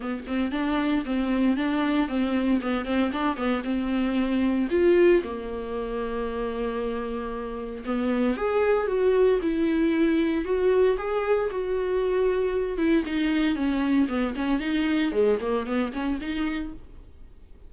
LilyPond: \new Staff \with { instrumentName = "viola" } { \time 4/4 \tempo 4 = 115 b8 c'8 d'4 c'4 d'4 | c'4 b8 c'8 d'8 b8 c'4~ | c'4 f'4 ais2~ | ais2. b4 |
gis'4 fis'4 e'2 | fis'4 gis'4 fis'2~ | fis'8 e'8 dis'4 cis'4 b8 cis'8 | dis'4 gis8 ais8 b8 cis'8 dis'4 | }